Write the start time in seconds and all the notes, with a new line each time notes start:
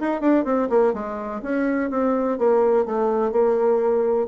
0.00 D#4
0.21 D4
0.45 C4
0.70 A#3
0.94 G#3
1.42 C#4
1.90 C4
2.39 A#3
2.86 A3
3.32 A#3